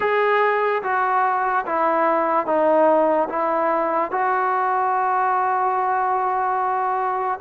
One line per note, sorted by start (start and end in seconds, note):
0.00 0.82 G#4
0.83 1.65 F#4
1.66 2.46 E4
2.46 3.28 D#4
3.29 4.11 E4
4.11 7.39 F#4